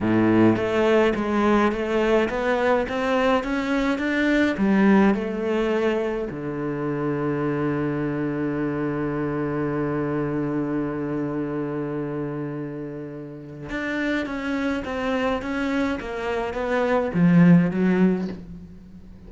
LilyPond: \new Staff \with { instrumentName = "cello" } { \time 4/4 \tempo 4 = 105 a,4 a4 gis4 a4 | b4 c'4 cis'4 d'4 | g4 a2 d4~ | d1~ |
d1~ | d1 | d'4 cis'4 c'4 cis'4 | ais4 b4 f4 fis4 | }